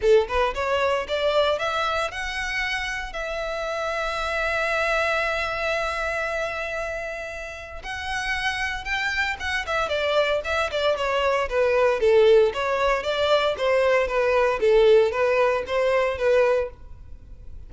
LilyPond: \new Staff \with { instrumentName = "violin" } { \time 4/4 \tempo 4 = 115 a'8 b'8 cis''4 d''4 e''4 | fis''2 e''2~ | e''1~ | e''2. fis''4~ |
fis''4 g''4 fis''8 e''8 d''4 | e''8 d''8 cis''4 b'4 a'4 | cis''4 d''4 c''4 b'4 | a'4 b'4 c''4 b'4 | }